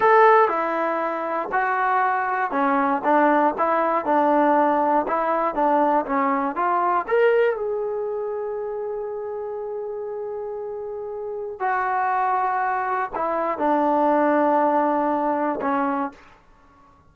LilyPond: \new Staff \with { instrumentName = "trombone" } { \time 4/4 \tempo 4 = 119 a'4 e'2 fis'4~ | fis'4 cis'4 d'4 e'4 | d'2 e'4 d'4 | cis'4 f'4 ais'4 gis'4~ |
gis'1~ | gis'2. fis'4~ | fis'2 e'4 d'4~ | d'2. cis'4 | }